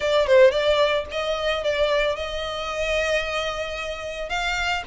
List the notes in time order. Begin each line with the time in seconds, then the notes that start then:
0.00 D5
0.27 C5
0.51 D5
1.11 D#5
1.63 D5
2.16 D#5
4.29 F5